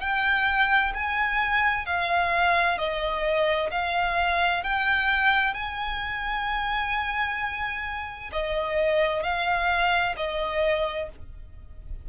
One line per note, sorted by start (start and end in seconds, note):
0.00 0.92 G5
0.94 1.86 G#5
1.86 2.78 F5
2.78 3.70 D#5
3.70 4.63 F5
4.63 5.53 G5
5.53 8.30 G#5
8.32 9.23 D#5
9.23 10.15 F5
10.16 11.09 D#5